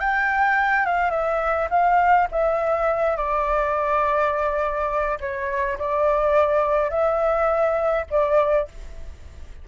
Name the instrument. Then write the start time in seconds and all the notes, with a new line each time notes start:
flute
0.00 G5
0.86 F5
1.11 E5
1.70 F5
2.32 E5
3.17 D5
5.21 C#5
5.79 D5
6.91 E5
8.11 D5